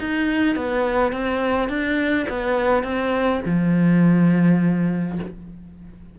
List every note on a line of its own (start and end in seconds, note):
0.00 0.56 D#4
0.56 1.13 B3
1.13 1.69 C4
1.69 2.27 D4
2.29 2.84 B3
2.84 3.41 C4
3.46 5.19 F3